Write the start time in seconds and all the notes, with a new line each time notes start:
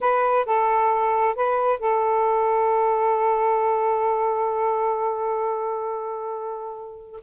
0.01 B4
0.45 A4
1.35 B4
1.79 A4